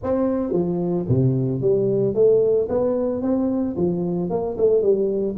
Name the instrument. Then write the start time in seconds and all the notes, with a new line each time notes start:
tuba
0.03 C4
0.52 F3
1.08 C3
1.61 G3
2.14 A3
2.68 B3
3.22 C4
3.76 F3
4.30 A#3
4.57 A3
4.82 G3